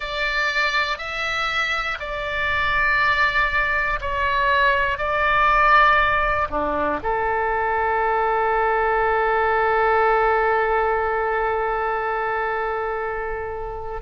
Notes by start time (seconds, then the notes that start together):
0.00 D5
0.98 E5
2.00 D5
4.00 C#5
4.98 D5
6.50 D4
7.03 A4